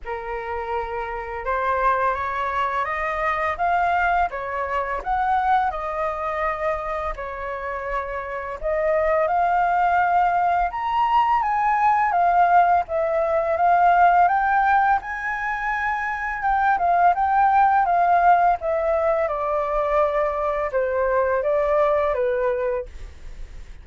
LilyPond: \new Staff \with { instrumentName = "flute" } { \time 4/4 \tempo 4 = 84 ais'2 c''4 cis''4 | dis''4 f''4 cis''4 fis''4 | dis''2 cis''2 | dis''4 f''2 ais''4 |
gis''4 f''4 e''4 f''4 | g''4 gis''2 g''8 f''8 | g''4 f''4 e''4 d''4~ | d''4 c''4 d''4 b'4 | }